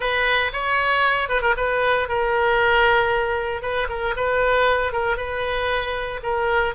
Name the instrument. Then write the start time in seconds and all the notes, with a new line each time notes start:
oboe
0.00 B4
0.52 C#5
1.28 B4
1.41 A#4
1.56 B4
2.08 A#4
3.62 B4
3.89 A#4
4.16 B4
4.92 A#4
5.17 B4
6.22 A#4